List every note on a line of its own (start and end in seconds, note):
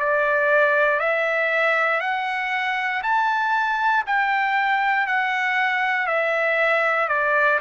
0.00 1.00 D5
1.00 2.01 E5
2.01 3.02 F#5
3.03 4.05 A5
4.07 5.07 G5
5.07 6.07 F#5
6.07 7.09 E5
7.09 7.59 D5